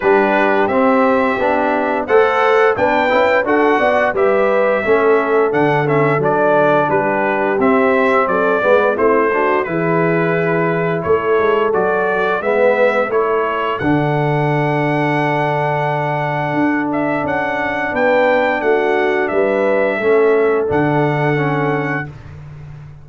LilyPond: <<
  \new Staff \with { instrumentName = "trumpet" } { \time 4/4 \tempo 4 = 87 b'4 e''2 fis''4 | g''4 fis''4 e''2 | fis''8 e''8 d''4 b'4 e''4 | d''4 c''4 b'2 |
cis''4 d''4 e''4 cis''4 | fis''1~ | fis''8 e''8 fis''4 g''4 fis''4 | e''2 fis''2 | }
  \new Staff \with { instrumentName = "horn" } { \time 4/4 g'2. c''4 | b'4 a'8 d''8 b'4 a'4~ | a'2 g'2 | a'8 b'8 e'8 fis'8 gis'2 |
a'2 b'4 a'4~ | a'1~ | a'2 b'4 fis'4 | b'4 a'2. | }
  \new Staff \with { instrumentName = "trombone" } { \time 4/4 d'4 c'4 d'4 a'4 | d'8 e'8 fis'4 g'4 cis'4 | d'8 cis'8 d'2 c'4~ | c'8 b8 c'8 d'8 e'2~ |
e'4 fis'4 b4 e'4 | d'1~ | d'1~ | d'4 cis'4 d'4 cis'4 | }
  \new Staff \with { instrumentName = "tuba" } { \time 4/4 g4 c'4 b4 a4 | b8 cis'8 d'8 b8 g4 a4 | d4 fis4 g4 c'4 | fis8 gis8 a4 e2 |
a8 gis8 fis4 gis4 a4 | d1 | d'4 cis'4 b4 a4 | g4 a4 d2 | }
>>